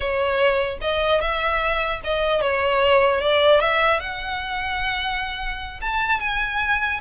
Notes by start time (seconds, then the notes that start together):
0.00 C#5
0.81 D#5
1.21 E5
2.04 D#5
2.41 C#5
3.20 D5
3.60 E5
4.00 F#5
5.81 A5
6.20 G#5